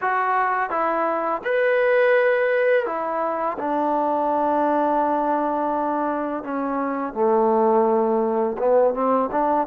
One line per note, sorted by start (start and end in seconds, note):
0.01 0.69 F#4
0.69 1.41 E4
1.44 2.85 B4
2.85 3.57 E4
3.58 6.43 D4
6.43 7.13 C#4
7.13 8.56 A3
8.58 8.94 B3
8.94 9.29 C4
9.31 9.67 D4